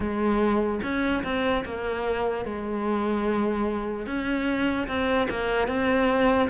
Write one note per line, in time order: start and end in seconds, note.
0.00 0.80 G#3
0.83 1.23 C#4
1.23 1.64 C4
1.65 2.45 A#3
2.45 4.06 G#3
4.06 4.87 C#4
4.87 5.28 C4
5.30 5.67 A#3
5.67 6.48 C4